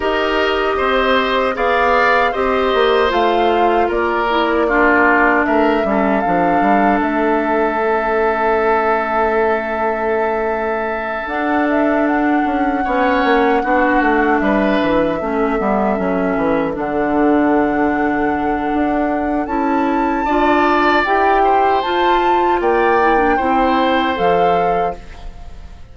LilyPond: <<
  \new Staff \with { instrumentName = "flute" } { \time 4/4 \tempo 4 = 77 dis''2 f''4 dis''4 | f''4 d''2 e''4 | f''4 e''2.~ | e''2~ e''8 fis''8 e''8 fis''8~ |
fis''2~ fis''8 e''4.~ | e''4. fis''2~ fis''8~ | fis''4 a''2 g''4 | a''4 g''2 f''4 | }
  \new Staff \with { instrumentName = "oboe" } { \time 4/4 ais'4 c''4 d''4 c''4~ | c''4 ais'4 f'4 ais'8 a'8~ | a'1~ | a'1~ |
a'8 cis''4 fis'4 b'4 a'8~ | a'1~ | a'2 d''4. c''8~ | c''4 d''4 c''2 | }
  \new Staff \with { instrumentName = "clarinet" } { \time 4/4 g'2 gis'4 g'4 | f'4. e'8 d'4. cis'8 | d'2 cis'2~ | cis'2~ cis'8 d'4.~ |
d'8 cis'4 d'2 cis'8 | b8 cis'4 d'2~ d'8~ | d'4 e'4 f'4 g'4 | f'4. e'16 d'16 e'4 a'4 | }
  \new Staff \with { instrumentName = "bassoon" } { \time 4/4 dis'4 c'4 b4 c'8 ais8 | a4 ais2 a8 g8 | f8 g8 a2.~ | a2~ a8 d'4. |
cis'8 b8 ais8 b8 a8 g8 e8 a8 | g8 fis8 e8 d2~ d8 | d'4 cis'4 d'4 e'4 | f'4 ais4 c'4 f4 | }
>>